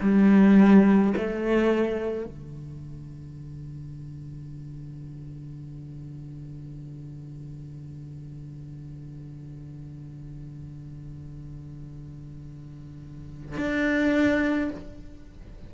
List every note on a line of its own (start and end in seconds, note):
0.00 1.13 G3
1.17 2.25 A3
2.25 13.57 D3
13.57 14.70 D4